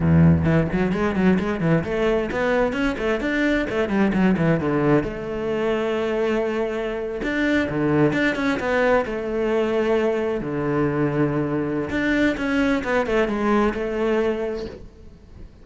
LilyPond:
\new Staff \with { instrumentName = "cello" } { \time 4/4 \tempo 4 = 131 e,4 e8 fis8 gis8 fis8 gis8 e8 | a4 b4 cis'8 a8 d'4 | a8 g8 fis8 e8 d4 a4~ | a2.~ a8. d'16~ |
d'8. d4 d'8 cis'8 b4 a16~ | a2~ a8. d4~ d16~ | d2 d'4 cis'4 | b8 a8 gis4 a2 | }